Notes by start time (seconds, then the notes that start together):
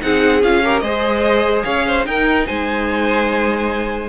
0.00 C4 D#4 G#4 F#5
0.43 C#4 F4 F5
0.64 G4 A#4
0.80 G#3 G#4 C5 D#5
1.64 C#4 C#5 F5
1.87 C5
2.04 D#4 A#4 G5
2.47 G#3 C5 G#5